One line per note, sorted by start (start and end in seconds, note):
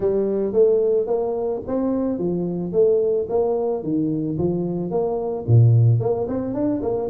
0.00 0.53 G3
0.53 1.06 A3
1.06 1.61 A#3
1.67 2.18 C4
2.18 2.72 F3
2.72 3.27 A3
3.29 3.83 A#3
3.83 4.37 D#3
4.38 4.90 F3
4.90 5.45 A#3
5.47 6.00 A#2
6.00 6.27 A#3
6.28 6.54 C4
6.54 6.81 D4
6.82 7.09 A#3